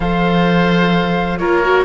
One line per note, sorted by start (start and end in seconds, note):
0.00 1.39 F3
0.00 1.39 A4
0.00 1.39 C5
0.00 1.38 F5
1.38 1.84 A#3
1.38 1.62 F4
1.38 1.84 A#4
1.38 1.84 C#5
1.62 1.84 F#4